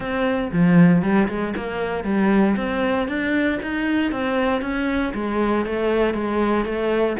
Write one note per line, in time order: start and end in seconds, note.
0.00 0.50 C4
0.52 1.02 F3
1.02 1.28 G3
1.28 1.54 G#3
1.56 2.04 A#3
2.04 2.55 G3
2.56 3.07 C4
3.07 3.59 D4
3.62 4.11 D#4
4.11 4.61 C4
4.61 5.13 C#4
5.14 5.65 G#3
5.65 6.14 A3
6.14 6.65 G#3
6.65 7.16 A3